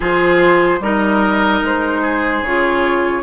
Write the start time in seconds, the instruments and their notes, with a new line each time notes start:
0.00 bassoon F3, clarinet F4, oboe G#4, flute C5
0.80 bassoon G3, clarinet D#4, oboe A#4, flute D#5
1.62 bassoon G#3, flute C5
2.01 oboe G#4
2.41 bassoon C#3, clarinet F4, flute C#5